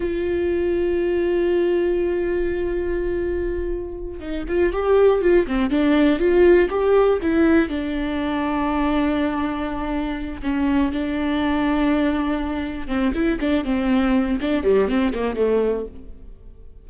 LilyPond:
\new Staff \with { instrumentName = "viola" } { \time 4/4 \tempo 4 = 121 f'1~ | f'1~ | f'8 dis'8 f'8 g'4 f'8 c'8 d'8~ | d'8 f'4 g'4 e'4 d'8~ |
d'1~ | d'4 cis'4 d'2~ | d'2 c'8 e'8 d'8 c'8~ | c'4 d'8 g8 c'8 ais8 a4 | }